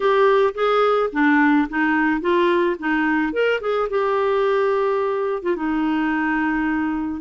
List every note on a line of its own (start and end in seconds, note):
0.00 0.53 G4
0.54 1.10 G#4
1.12 1.68 D4
1.69 2.20 D#4
2.20 2.76 F4
2.79 3.32 D#4
3.32 3.60 A#4
3.60 3.88 G#4
3.89 5.42 G4
5.42 5.56 F4
5.56 7.21 D#4